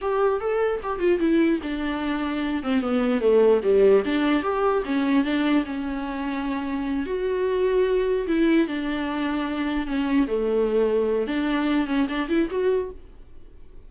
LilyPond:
\new Staff \with { instrumentName = "viola" } { \time 4/4 \tempo 4 = 149 g'4 a'4 g'8 f'8 e'4 | d'2~ d'8 c'8 b4 | a4 g4 d'4 g'4 | cis'4 d'4 cis'2~ |
cis'4. fis'2~ fis'8~ | fis'8 e'4 d'2~ d'8~ | d'8 cis'4 a2~ a8 | d'4. cis'8 d'8 e'8 fis'4 | }